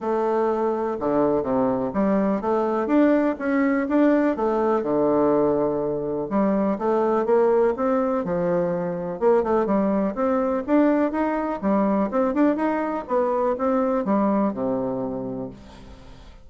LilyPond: \new Staff \with { instrumentName = "bassoon" } { \time 4/4 \tempo 4 = 124 a2 d4 c4 | g4 a4 d'4 cis'4 | d'4 a4 d2~ | d4 g4 a4 ais4 |
c'4 f2 ais8 a8 | g4 c'4 d'4 dis'4 | g4 c'8 d'8 dis'4 b4 | c'4 g4 c2 | }